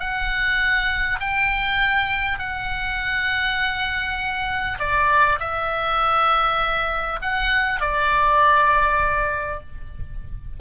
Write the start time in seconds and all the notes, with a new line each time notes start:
0.00 F#5
1.20 G5
2.39 F#5
4.79 D5
5.40 E5
7.22 F#5
7.81 D5